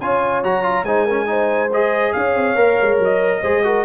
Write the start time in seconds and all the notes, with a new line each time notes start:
0.00 C#4 F4 C#5 G#5
0.43 F#3 F#4 A#5
0.62 F4
0.84 G#3 D#4 C5 G#5
1.05 C#4 A#4
1.26 D#4 C5
1.72 G#4 D#5
2.12 C#4 C#5 F5
2.35 C4
2.55 A#3 A#4
2.81 G#3
2.99 F#3 D#5
3.41 G#3 G#4 C5
3.64 F#4 A#4